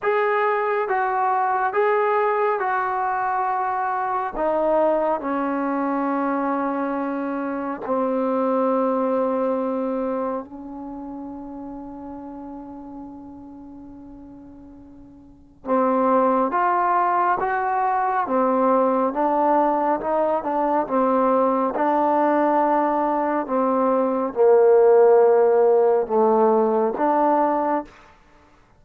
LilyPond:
\new Staff \with { instrumentName = "trombone" } { \time 4/4 \tempo 4 = 69 gis'4 fis'4 gis'4 fis'4~ | fis'4 dis'4 cis'2~ | cis'4 c'2. | cis'1~ |
cis'2 c'4 f'4 | fis'4 c'4 d'4 dis'8 d'8 | c'4 d'2 c'4 | ais2 a4 d'4 | }